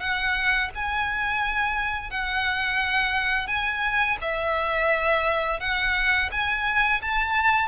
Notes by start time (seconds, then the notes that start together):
0.00 F#5
0.75 G#5
2.11 F#5
3.47 G#5
4.21 E5
5.60 F#5
6.32 G#5
7.02 A5